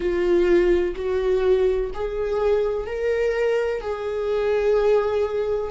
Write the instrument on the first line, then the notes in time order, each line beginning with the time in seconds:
viola
0.00 F4
0.95 F#4
1.94 G#4
2.86 A#4
3.81 G#4